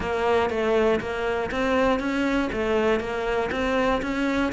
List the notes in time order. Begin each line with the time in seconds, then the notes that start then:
0.00 A#3
0.50 A3
1.00 A#3
1.51 C4
1.99 C#4
2.52 A3
3.00 A#3
3.51 C4
4.02 C#4